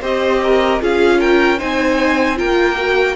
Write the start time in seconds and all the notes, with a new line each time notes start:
0.00 C4 G4 C5 D#5
0.43 A#4
0.80 C#4 F4 G#4 F5
1.19 A#4 G5
1.58 C4 D#4 C5 G#5
2.36 A#3 F4 A#4 G5
2.76 F#4